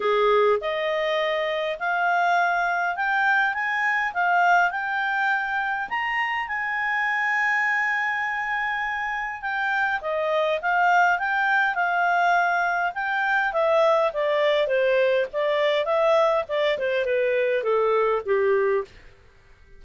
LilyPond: \new Staff \with { instrumentName = "clarinet" } { \time 4/4 \tempo 4 = 102 gis'4 dis''2 f''4~ | f''4 g''4 gis''4 f''4 | g''2 ais''4 gis''4~ | gis''1 |
g''4 dis''4 f''4 g''4 | f''2 g''4 e''4 | d''4 c''4 d''4 e''4 | d''8 c''8 b'4 a'4 g'4 | }